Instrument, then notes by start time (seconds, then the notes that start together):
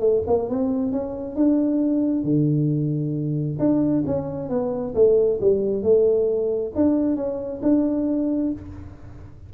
tuba
0.00 A3
0.27 A#3
0.49 C4
0.92 C#4
1.36 D4
2.23 D3
3.59 D4
4.06 C#4
4.49 B3
4.95 A3
5.41 G3
5.83 A3
6.75 D4
7.16 C#4
7.62 D4